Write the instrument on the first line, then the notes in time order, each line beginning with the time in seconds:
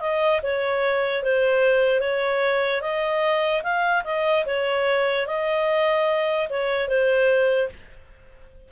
clarinet
0.00 D#5
0.43 C#5
1.23 C5
2.00 C#5
2.81 D#5
3.63 F5
4.04 D#5
4.46 C#5
5.27 D#5
6.49 C#5
6.88 C5